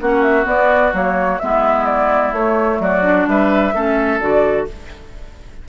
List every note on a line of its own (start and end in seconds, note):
0.00 0.45 A#3
0.00 0.43 C#4
0.00 1.41 F#4
0.00 0.22 F#5
0.22 0.45 E5
0.43 0.90 B3
0.43 0.92 B3
0.43 0.94 D5
0.93 1.40 F#3
0.93 1.40 A#3
0.93 1.38 C#5
1.38 2.32 G#3
1.38 2.35 B3
1.38 2.82 E4
1.38 1.85 E5
1.85 2.32 D5
2.32 2.79 A3
2.32 3.02 A3
2.32 2.80 C#5
2.79 3.26 F#3
2.79 3.29 F#4
2.79 3.28 D5
3.02 3.72 D4
3.26 3.73 G3
3.26 3.74 B4
3.26 4.20 E5
3.74 4.20 A3
3.74 4.20 C#4
3.74 4.68 A4
4.20 4.67 D3
4.20 4.67 F#4
4.20 4.67 D5